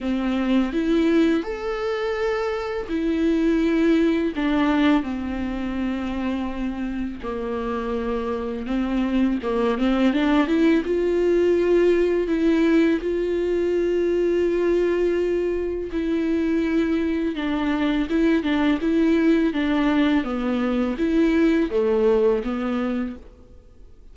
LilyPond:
\new Staff \with { instrumentName = "viola" } { \time 4/4 \tempo 4 = 83 c'4 e'4 a'2 | e'2 d'4 c'4~ | c'2 ais2 | c'4 ais8 c'8 d'8 e'8 f'4~ |
f'4 e'4 f'2~ | f'2 e'2 | d'4 e'8 d'8 e'4 d'4 | b4 e'4 a4 b4 | }